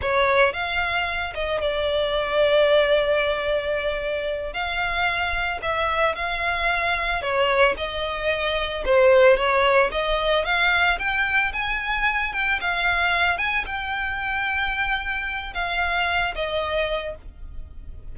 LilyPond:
\new Staff \with { instrumentName = "violin" } { \time 4/4 \tempo 4 = 112 cis''4 f''4. dis''8 d''4~ | d''1~ | d''8 f''2 e''4 f''8~ | f''4. cis''4 dis''4.~ |
dis''8 c''4 cis''4 dis''4 f''8~ | f''8 g''4 gis''4. g''8 f''8~ | f''4 gis''8 g''2~ g''8~ | g''4 f''4. dis''4. | }